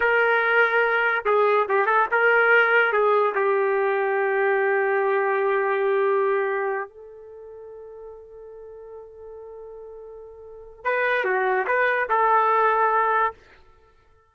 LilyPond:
\new Staff \with { instrumentName = "trumpet" } { \time 4/4 \tempo 4 = 144 ais'2. gis'4 | g'8 a'8 ais'2 gis'4 | g'1~ | g'1~ |
g'8 a'2.~ a'8~ | a'1~ | a'2 b'4 fis'4 | b'4 a'2. | }